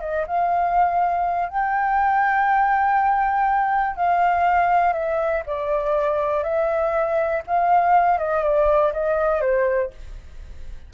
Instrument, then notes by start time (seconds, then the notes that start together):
flute
0.00 D#5
0.26 F5
1.49 G5
3.96 F5
4.92 E5
5.46 D5
6.43 E5
7.47 F5
8.18 D#5
8.43 D5
8.93 D#5
9.40 C5